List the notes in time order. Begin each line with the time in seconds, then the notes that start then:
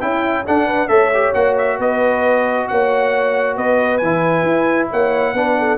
0.00 C#4 E4 G5
0.46 D4 A4 F#5
0.67 B4
0.88 A3 A4 C#5 E5
1.14 G4
1.35 A#3 F#4 F#5
1.58 E5
1.78 B3 B4 D#5
2.68 A#3 C#5 F#5
3.57 B3 B4 D#5
3.98 E3 G#5
4.05 E4
4.43 E4
4.91 A#3 C#5 F#5
5.34 B3 D4 B4
5.59 A4